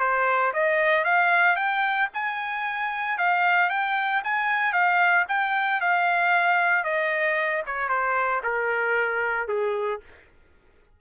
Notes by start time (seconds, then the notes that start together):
0.00 C5
0.54 D#5
1.05 F5
1.56 G5
2.14 G#5
3.18 F5
3.70 G5
4.24 G#5
4.73 F5
5.29 G5
5.81 F5
6.84 D#5
7.67 C#5
7.89 C5
8.44 A#4
9.48 G#4